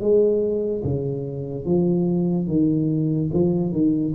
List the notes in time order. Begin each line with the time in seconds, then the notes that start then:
0.00 G#3
0.84 C#3
1.65 F3
2.47 D#3
3.33 F3
3.72 D#3